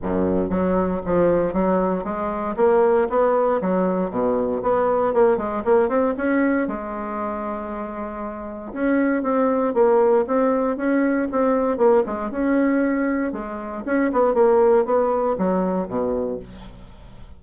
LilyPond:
\new Staff \with { instrumentName = "bassoon" } { \time 4/4 \tempo 4 = 117 fis,4 fis4 f4 fis4 | gis4 ais4 b4 fis4 | b,4 b4 ais8 gis8 ais8 c'8 | cis'4 gis2.~ |
gis4 cis'4 c'4 ais4 | c'4 cis'4 c'4 ais8 gis8 | cis'2 gis4 cis'8 b8 | ais4 b4 fis4 b,4 | }